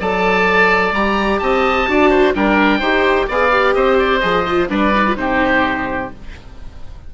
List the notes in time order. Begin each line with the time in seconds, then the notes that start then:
0.00 F#3 A4 D5 A5
0.92 G3 G4 A#5
1.39 C4 D#5 A5
1.88 D4 F#4 D5
2.10 C5
2.35 G3 D4 A#4 G5
2.79 D#4 G4 C5
3.28 B3 G#4 D5 F5
3.51 G4
3.74 C4 C5 D#5
3.99 D5
4.20 F3 G#4 D#5
4.47 F4
4.69 G3 D4 B4 D5
4.95 D#4
5.07 F4
5.16 C3 D#4 G4 C5